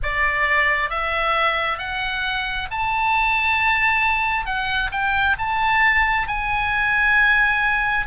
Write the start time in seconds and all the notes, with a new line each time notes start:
0.02 D5
0.90 E5
1.78 F#5
2.71 A5
4.45 F#5
4.91 G5
5.38 A5
6.27 G#5